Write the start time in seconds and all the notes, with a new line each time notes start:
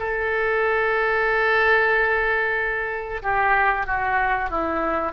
0.00 A4
3.23 G4
3.87 F#4
4.50 E4